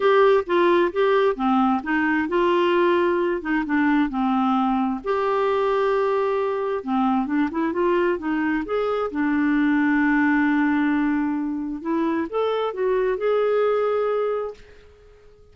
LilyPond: \new Staff \with { instrumentName = "clarinet" } { \time 4/4 \tempo 4 = 132 g'4 f'4 g'4 c'4 | dis'4 f'2~ f'8 dis'8 | d'4 c'2 g'4~ | g'2. c'4 |
d'8 e'8 f'4 dis'4 gis'4 | d'1~ | d'2 e'4 a'4 | fis'4 gis'2. | }